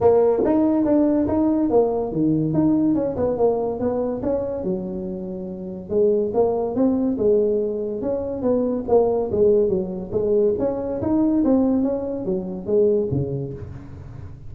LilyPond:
\new Staff \with { instrumentName = "tuba" } { \time 4/4 \tempo 4 = 142 ais4 dis'4 d'4 dis'4 | ais4 dis4 dis'4 cis'8 b8 | ais4 b4 cis'4 fis4~ | fis2 gis4 ais4 |
c'4 gis2 cis'4 | b4 ais4 gis4 fis4 | gis4 cis'4 dis'4 c'4 | cis'4 fis4 gis4 cis4 | }